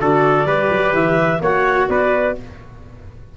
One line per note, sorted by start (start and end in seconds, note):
0.00 0.46 D3
0.00 0.47 F#4
0.00 0.47 A4
0.00 0.95 D5
0.46 0.69 G3
0.46 1.41 G4
0.46 1.40 B4
0.70 0.93 F#3
0.93 1.40 E3
0.93 1.41 E5
1.41 1.88 A#3
1.41 2.37 F#4
1.41 1.89 C#5
1.41 1.88 F#5
1.88 2.36 B3
1.88 2.37 B4
1.88 2.35 D5